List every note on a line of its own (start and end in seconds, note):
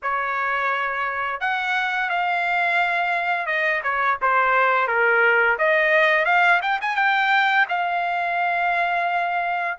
0.02 1.40 C#5
1.40 2.09 F#5
2.09 3.46 F5
3.46 3.81 D#5
3.83 4.18 C#5
4.21 4.87 C5
4.87 5.57 A#4
5.58 6.25 D#5
6.25 6.60 F5
6.62 6.79 G5
6.81 6.96 G#5
6.96 7.66 G5
7.68 9.78 F5